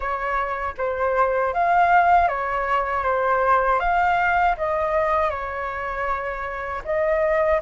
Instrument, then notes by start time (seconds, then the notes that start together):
flute
0.00 C#5
0.77 C5
1.53 F5
2.28 C#5
3.03 C5
3.79 F5
4.57 D#5
5.30 C#5
6.84 D#5